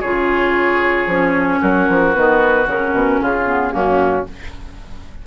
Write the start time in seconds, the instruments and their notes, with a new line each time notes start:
0.00 bassoon C#3, clarinet F4, oboe G#4, flute C#5
1.06 bassoon F3, clarinet C#4
1.61 bassoon F#3, oboe F#4, flute A#4
1.89 bassoon F3
2.14 bassoon D#3, clarinet B3, flute B4
2.67 bassoon C#3, clarinet C#4, flute A#4
2.93 bassoon B2
3.21 bassoon C#3, oboe F4, flute G#4
3.46 clarinet B3
3.71 bassoon F#2, clarinet A#3, oboe C#4, flute F#4